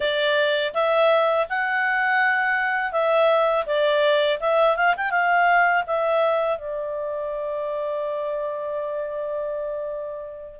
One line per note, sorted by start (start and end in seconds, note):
0.00 0.73 D5
0.74 1.47 E5
1.49 2.92 F#5
2.92 3.65 E5
3.66 4.39 D5
4.40 4.76 E5
4.76 4.94 F5
4.97 5.10 G5
5.10 5.83 F5
5.86 6.58 E5
6.58 10.60 D5